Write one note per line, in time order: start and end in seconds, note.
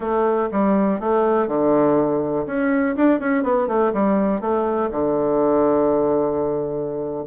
0.00 0.49 A3
0.51 1.00 G3
1.00 1.47 A3
1.47 2.46 D3
2.46 2.95 C#4
2.96 3.19 D4
3.19 3.43 C#4
3.43 3.67 B3
3.67 3.92 A3
3.93 4.41 G3
4.41 4.90 A3
4.90 7.24 D3